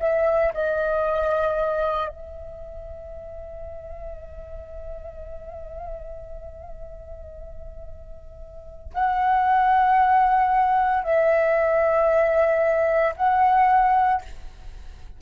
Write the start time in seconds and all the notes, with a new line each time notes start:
0.00 E5
0.54 D#5
2.09 E5
8.94 F#5
11.04 E5
13.16 F#5